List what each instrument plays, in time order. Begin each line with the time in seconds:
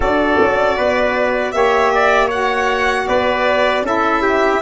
0.00 tuba D4, saxophone F#4, trumpet A4, violin D5
0.40 tuba C#4
0.77 tuba B3, trumpet B4
1.52 tuba A#3, saxophone G4, trumpet C#5, violin E5
1.94 trumpet D5
2.27 saxophone F#4, trumpet C#5, violin F#5
3.07 tuba B3, trumpet B4, violin D5
3.82 tuba C#4, saxophone E4, trumpet A4, violin E5
4.22 trumpet G4